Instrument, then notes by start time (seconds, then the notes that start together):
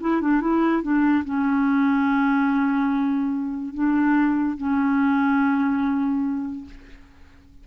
clarinet
0.00 E4
0.21 D4
0.40 E4
0.82 D4
1.24 C#4
3.74 D4
4.57 C#4